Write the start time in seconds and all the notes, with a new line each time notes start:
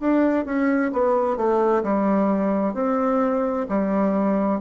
0.00 D4
0.46 C#4
0.93 B3
1.37 A3
1.83 G3
2.74 C4
3.69 G3